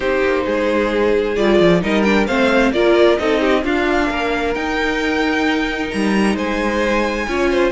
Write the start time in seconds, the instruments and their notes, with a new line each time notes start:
0.00 cello C4, viola D#4, violin G4 C5
0.23 cello A#3
0.45 cello G#3, violin G#4
1.36 cello G3, viola F4, violin D5
1.60 cello F3
1.81 cello G3, viola D#4, violin A#4 D#5
2.02 viola D4, violin G5
2.26 cello A3, viola C4, violin C5 F5
2.72 cello A#3, viola F4, violin A#4 D5
3.18 cello C4, viola D#4, violin A4 D#5
3.40 violin G4
3.63 cello D4, viola D4, violin F4 F5
4.10 cello A#3, violin A#4
4.54 cello D#4, viola D#4, violin G5
5.90 cello G3, violin A#5
6.35 cello G#3, violin C5 G#5
7.27 cello C#4, viola F4, violin C#5
7.50 violin C5